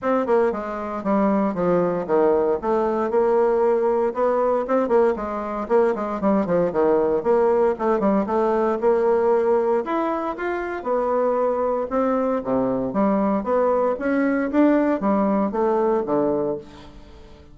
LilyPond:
\new Staff \with { instrumentName = "bassoon" } { \time 4/4 \tempo 4 = 116 c'8 ais8 gis4 g4 f4 | dis4 a4 ais2 | b4 c'8 ais8 gis4 ais8 gis8 | g8 f8 dis4 ais4 a8 g8 |
a4 ais2 e'4 | f'4 b2 c'4 | c4 g4 b4 cis'4 | d'4 g4 a4 d4 | }